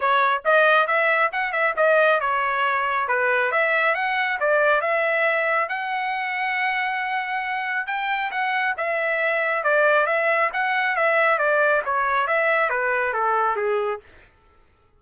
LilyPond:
\new Staff \with { instrumentName = "trumpet" } { \time 4/4 \tempo 4 = 137 cis''4 dis''4 e''4 fis''8 e''8 | dis''4 cis''2 b'4 | e''4 fis''4 d''4 e''4~ | e''4 fis''2.~ |
fis''2 g''4 fis''4 | e''2 d''4 e''4 | fis''4 e''4 d''4 cis''4 | e''4 b'4 a'4 gis'4 | }